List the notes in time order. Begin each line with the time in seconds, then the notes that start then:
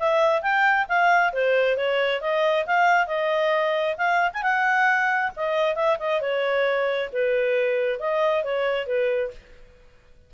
0.00 E5
0.43 G5
0.89 F5
1.33 C5
1.77 C#5
2.22 D#5
2.66 F5
3.07 D#5
3.98 F5
4.34 G#5
4.43 F#5
5.37 D#5
5.76 E5
5.99 D#5
6.21 C#5
7.13 B4
8.00 D#5
8.44 C#5
8.87 B4